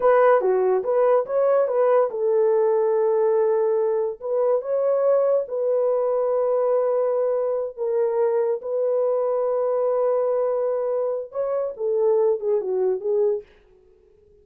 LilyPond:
\new Staff \with { instrumentName = "horn" } { \time 4/4 \tempo 4 = 143 b'4 fis'4 b'4 cis''4 | b'4 a'2.~ | a'2 b'4 cis''4~ | cis''4 b'2.~ |
b'2~ b'8 ais'4.~ | ais'8 b'2.~ b'8~ | b'2. cis''4 | a'4. gis'8 fis'4 gis'4 | }